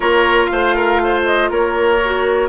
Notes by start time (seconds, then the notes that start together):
0.00 A#3 F4 A#4 C#5
0.46 A3 F5
0.52 C5
0.75 A#4
1.03 C5
1.25 D#5
1.49 A#3 A#4 C#5
2.04 F#4